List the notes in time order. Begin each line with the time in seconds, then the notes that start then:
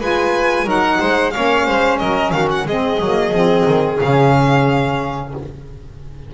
0.00 G#3 F4 B4 G#5
0.65 F#3 D#4 A#4 F#5
1.00 G#3 C5
1.31 C#4 C#5 F5
1.37 A#3
1.66 G#3 C5
1.98 F#3 A#4 D#5
2.31 D#3 F#4 F5
2.51 F#5
2.65 G#3 C4 G#4 D#5
3.00 F#3 A#3
3.32 F3 C4
3.66 D#3
4.00 C#3 C#4 F5